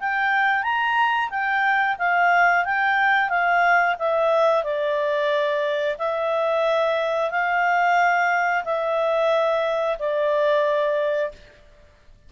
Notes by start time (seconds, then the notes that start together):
0.00 G5
0.63 A#5
1.30 G5
1.99 F5
2.65 G5
3.29 F5
3.99 E5
4.64 D5
5.99 E5
7.31 F5
8.65 E5
9.99 D5